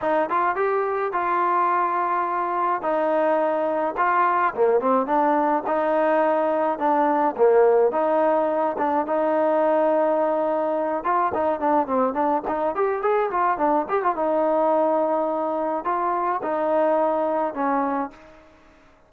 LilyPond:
\new Staff \with { instrumentName = "trombone" } { \time 4/4 \tempo 4 = 106 dis'8 f'8 g'4 f'2~ | f'4 dis'2 f'4 | ais8 c'8 d'4 dis'2 | d'4 ais4 dis'4. d'8 |
dis'2.~ dis'8 f'8 | dis'8 d'8 c'8 d'8 dis'8 g'8 gis'8 f'8 | d'8 g'16 f'16 dis'2. | f'4 dis'2 cis'4 | }